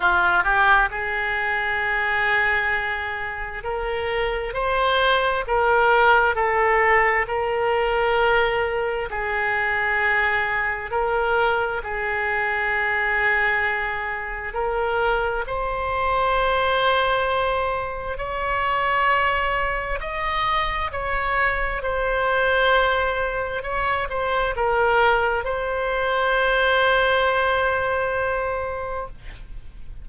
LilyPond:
\new Staff \with { instrumentName = "oboe" } { \time 4/4 \tempo 4 = 66 f'8 g'8 gis'2. | ais'4 c''4 ais'4 a'4 | ais'2 gis'2 | ais'4 gis'2. |
ais'4 c''2. | cis''2 dis''4 cis''4 | c''2 cis''8 c''8 ais'4 | c''1 | }